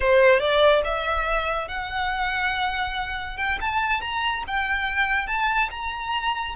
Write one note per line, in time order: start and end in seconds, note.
0.00 0.39 C5
0.39 0.81 D5
0.84 1.68 E5
1.68 3.37 F#5
3.37 3.58 G5
3.60 4.01 A5
4.01 4.43 A#5
4.47 5.27 G5
5.27 5.69 A5
5.70 6.55 A#5